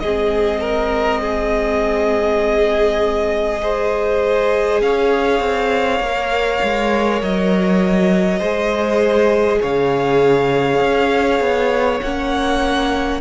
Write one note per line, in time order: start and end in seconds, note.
0.00 4.81 G#3
0.00 3.61 C4
0.00 0.61 G#4
0.00 4.80 D#5
0.61 1.21 A#4
1.21 3.61 G#4
3.61 6.01 G#4
3.61 4.82 C5
4.81 5.40 C#4
4.81 8.39 C#5
4.81 7.22 F5
5.40 6.00 C4
6.00 6.60 A#3
6.00 8.41 A#4
6.63 7.22 G#3
7.22 8.40 F#3
7.22 9.62 D#5
8.39 9.60 G#3
8.39 12.01 G#4
8.39 9.59 C5
9.61 10.80 C#3
9.61 13.21 C#5
9.61 12.01 F5
10.80 11.40 C#4
11.40 12.00 B3
12.01 13.21 A#3
12.01 13.21 C#4
12.01 13.21 F#5